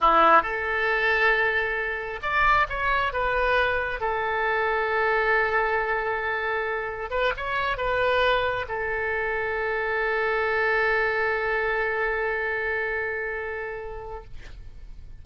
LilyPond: \new Staff \with { instrumentName = "oboe" } { \time 4/4 \tempo 4 = 135 e'4 a'2.~ | a'4 d''4 cis''4 b'4~ | b'4 a'2.~ | a'1 |
b'8 cis''4 b'2 a'8~ | a'1~ | a'1~ | a'1 | }